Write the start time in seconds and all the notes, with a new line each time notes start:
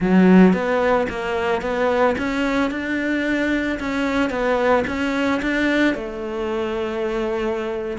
0.00 F#3
0.53 B3
1.09 A#3
1.61 B3
2.17 C#4
2.70 D4
3.79 C#4
4.30 B3
4.87 C#4
5.42 D4
5.95 A3